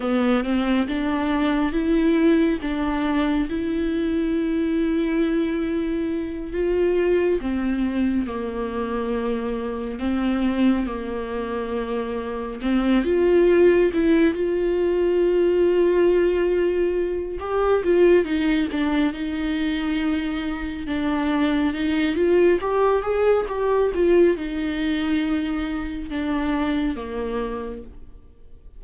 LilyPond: \new Staff \with { instrumentName = "viola" } { \time 4/4 \tempo 4 = 69 b8 c'8 d'4 e'4 d'4 | e'2.~ e'8 f'8~ | f'8 c'4 ais2 c'8~ | c'8 ais2 c'8 f'4 |
e'8 f'2.~ f'8 | g'8 f'8 dis'8 d'8 dis'2 | d'4 dis'8 f'8 g'8 gis'8 g'8 f'8 | dis'2 d'4 ais4 | }